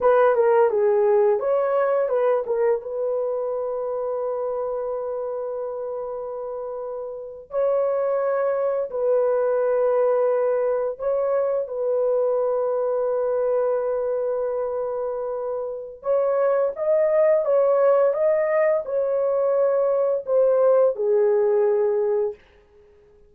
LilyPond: \new Staff \with { instrumentName = "horn" } { \time 4/4 \tempo 4 = 86 b'8 ais'8 gis'4 cis''4 b'8 ais'8 | b'1~ | b'2~ b'8. cis''4~ cis''16~ | cis''8. b'2. cis''16~ |
cis''8. b'2.~ b'16~ | b'2. cis''4 | dis''4 cis''4 dis''4 cis''4~ | cis''4 c''4 gis'2 | }